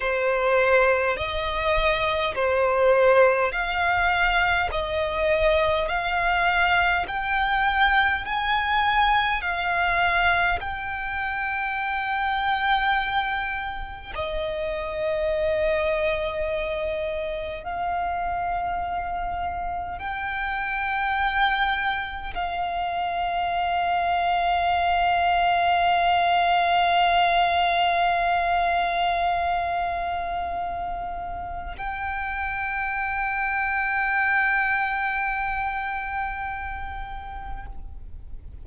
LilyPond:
\new Staff \with { instrumentName = "violin" } { \time 4/4 \tempo 4 = 51 c''4 dis''4 c''4 f''4 | dis''4 f''4 g''4 gis''4 | f''4 g''2. | dis''2. f''4~ |
f''4 g''2 f''4~ | f''1~ | f''2. g''4~ | g''1 | }